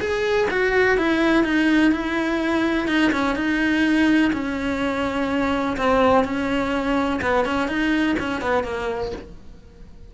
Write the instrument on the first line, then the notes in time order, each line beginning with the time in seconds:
cello
0.00 G#4
0.50 F#4
0.97 E4
1.44 D#4
1.91 E4
2.87 D#4
3.12 C#4
3.35 D#4
4.33 C#4
5.77 C4
6.24 C#4
7.21 B3
7.45 C#4
7.68 D#4
8.19 C#4
8.41 B3
8.63 A#3